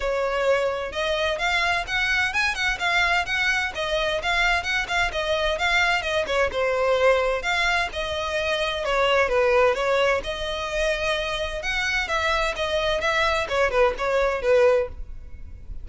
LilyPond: \new Staff \with { instrumentName = "violin" } { \time 4/4 \tempo 4 = 129 cis''2 dis''4 f''4 | fis''4 gis''8 fis''8 f''4 fis''4 | dis''4 f''4 fis''8 f''8 dis''4 | f''4 dis''8 cis''8 c''2 |
f''4 dis''2 cis''4 | b'4 cis''4 dis''2~ | dis''4 fis''4 e''4 dis''4 | e''4 cis''8 b'8 cis''4 b'4 | }